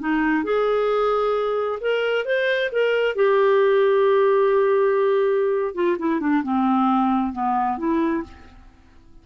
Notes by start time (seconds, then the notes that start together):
0.00 D#4
0.44 G#4
1.81 A#4
2.26 C5
2.72 A#4
3.16 G4
5.75 F4
5.99 E4
6.21 D4
6.43 C4
7.33 B3
7.78 E4